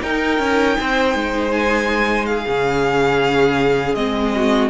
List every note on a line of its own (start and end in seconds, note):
0.00 2.44 D#4
0.00 0.40 D#4
0.00 0.78 A#4
0.00 1.52 G5
0.40 0.77 C#4
0.80 1.15 C4
0.80 2.29 C5
1.15 2.46 G#3
1.52 2.26 G#5
2.26 4.35 G#4
2.26 3.95 F5
2.47 3.95 C#3
2.47 3.97 C#4
3.95 4.70 G#3
3.95 4.70 C4
3.95 4.70 D#5
4.36 4.70 F#4